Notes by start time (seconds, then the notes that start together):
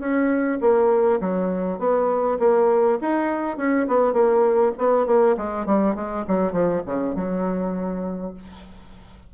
0.00 C#4
0.61 A#3
1.21 F#3
1.79 B3
2.40 A#3
3.02 D#4
3.58 C#4
3.88 B3
4.13 A#3
4.78 B3
5.07 A#3
5.38 G#3
5.67 G3
5.96 G#3
6.28 F#3
6.53 F3
6.87 C#3
7.16 F#3